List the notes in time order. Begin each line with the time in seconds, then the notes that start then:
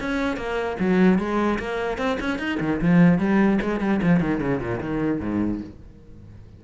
0.00 C#4
0.36 A#3
0.80 F#3
1.18 G#3
1.59 A#3
1.97 C4
2.20 C#4
2.38 D#4
2.60 D#3
2.81 F3
3.18 G3
3.61 G#3
3.80 G3
4.02 F3
4.20 D#3
4.40 C#3
4.59 A#2
4.80 D#3
5.21 G#2